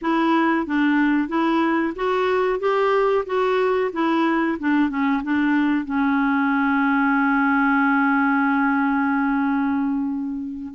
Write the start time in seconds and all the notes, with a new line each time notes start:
0.01 E4
0.66 D4
1.28 E4
1.95 F#4
2.59 G4
3.25 F#4
3.92 E4
4.59 D4
4.89 C#4
5.23 D4
5.85 C#4